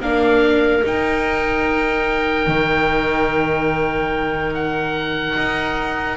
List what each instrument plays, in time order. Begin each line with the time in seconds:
0.00 double bass A#3, viola D4, clarinet A#4, oboe F5
0.82 viola D#4, double bass D#4, oboe G5
2.47 double bass D#3
4.54 oboe F#5
5.36 double bass D#4